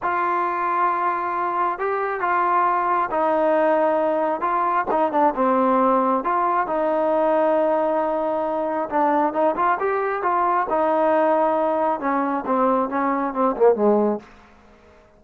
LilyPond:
\new Staff \with { instrumentName = "trombone" } { \time 4/4 \tempo 4 = 135 f'1 | g'4 f'2 dis'4~ | dis'2 f'4 dis'8 d'8 | c'2 f'4 dis'4~ |
dis'1 | d'4 dis'8 f'8 g'4 f'4 | dis'2. cis'4 | c'4 cis'4 c'8 ais8 gis4 | }